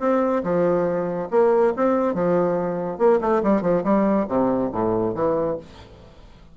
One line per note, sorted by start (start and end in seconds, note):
0.00 0.43 C4
0.44 1.29 F3
1.31 1.73 A#3
1.76 2.14 C4
2.14 2.98 F3
2.98 3.20 A#3
3.21 3.42 A3
3.43 3.62 G3
3.62 3.83 F3
3.84 4.26 G3
4.28 4.71 C3
4.72 5.15 A2
5.15 5.57 E3